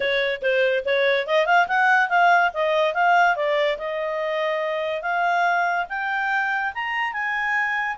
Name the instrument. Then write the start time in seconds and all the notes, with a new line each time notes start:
clarinet
0.00 C#5
0.42 C5
0.85 C#5
1.26 D#5
1.46 F5
1.67 F#5
2.09 F5
2.53 D#5
2.94 F5
3.35 D5
3.78 D#5
5.01 F5
5.89 G5
6.74 A#5
7.12 G#5